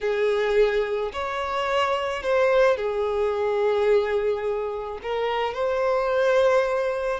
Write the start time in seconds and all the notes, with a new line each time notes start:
0.01 G#4
1.12 C#5
2.22 C5
2.77 G#4
5.02 A#4
5.54 C5